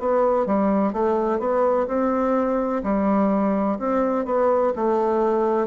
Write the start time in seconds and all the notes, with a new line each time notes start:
0.00 B3
0.46 G3
0.93 A3
1.39 B3
1.87 C4
2.84 G3
3.79 C4
4.26 B3
4.76 A3